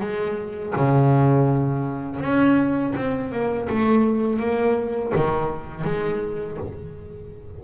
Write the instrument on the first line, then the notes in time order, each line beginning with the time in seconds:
double bass
0.00 G#3
0.76 C#3
2.20 C#4
2.96 C4
3.32 A#3
3.69 A3
4.40 A#3
5.16 D#3
5.84 G#3